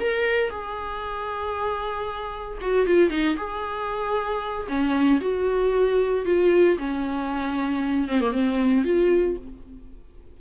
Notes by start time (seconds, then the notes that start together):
0.00 A#4
0.50 G#4
2.61 F#4
2.86 F4
3.10 D#4
3.37 G#4
4.68 C#4
5.21 F#4
6.25 F4
6.78 C#4
8.08 C4
8.21 A#3
8.32 C4
8.84 F4